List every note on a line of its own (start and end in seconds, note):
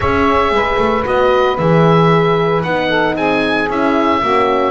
0.00 0.51 C#4
0.00 1.04 G#4
0.00 0.53 C#5
0.00 1.05 E5
0.51 0.77 G#3
0.51 2.88 B4
0.78 1.04 A3
1.05 1.58 B3
1.05 1.57 F#4
1.05 1.57 D#5
1.57 2.64 E3
1.57 2.64 G#4
1.57 2.62 E5
2.62 3.15 B3
2.62 3.69 D#4
2.62 3.15 F#5
2.88 3.14 A4
3.15 3.67 C4
3.15 4.20 G#4
3.15 3.69 G#5
3.69 4.21 C#4
3.69 4.22 E4
3.69 4.71 E5
4.20 4.71 A#3
4.20 4.71 C#4
4.20 4.71 F#4